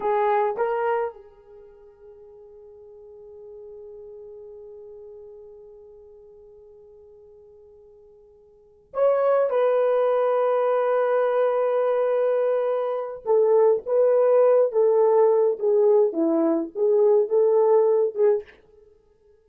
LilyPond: \new Staff \with { instrumentName = "horn" } { \time 4/4 \tempo 4 = 104 gis'4 ais'4 gis'2~ | gis'1~ | gis'1~ | gis'2.~ gis'8 cis''8~ |
cis''8 b'2.~ b'8~ | b'2. a'4 | b'4. a'4. gis'4 | e'4 gis'4 a'4. gis'8 | }